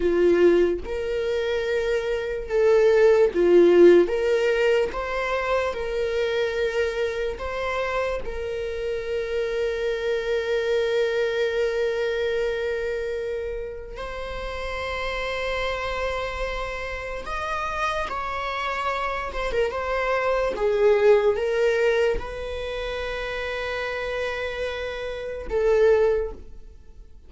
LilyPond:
\new Staff \with { instrumentName = "viola" } { \time 4/4 \tempo 4 = 73 f'4 ais'2 a'4 | f'4 ais'4 c''4 ais'4~ | ais'4 c''4 ais'2~ | ais'1~ |
ais'4 c''2.~ | c''4 dis''4 cis''4. c''16 ais'16 | c''4 gis'4 ais'4 b'4~ | b'2. a'4 | }